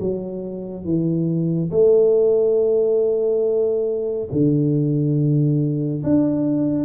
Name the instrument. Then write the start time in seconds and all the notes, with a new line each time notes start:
tuba
0.00 F#3
0.85 E3
1.71 A3
4.32 D3
6.04 D4